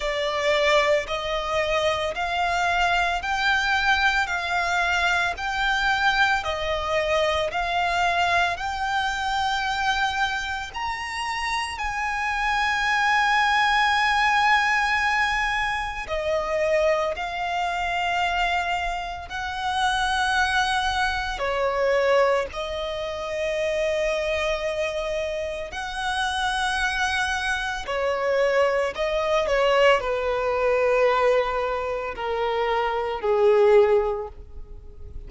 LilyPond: \new Staff \with { instrumentName = "violin" } { \time 4/4 \tempo 4 = 56 d''4 dis''4 f''4 g''4 | f''4 g''4 dis''4 f''4 | g''2 ais''4 gis''4~ | gis''2. dis''4 |
f''2 fis''2 | cis''4 dis''2. | fis''2 cis''4 dis''8 cis''8 | b'2 ais'4 gis'4 | }